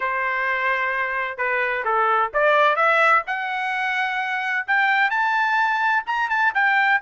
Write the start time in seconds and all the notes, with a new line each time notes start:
0.00 C5
1.37 B4
1.84 A4
2.33 D5
2.75 E5
3.27 F#5
4.67 G5
5.10 A5
6.06 A#5
6.29 A5
6.54 G5